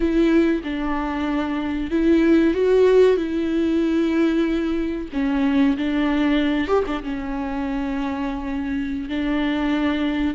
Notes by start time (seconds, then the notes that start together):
0.00 E4
0.63 D4
1.90 E4
2.54 F#4
3.16 E4
5.12 C#4
5.77 D4
6.67 G4
6.86 D4
7.03 C#4
9.09 D4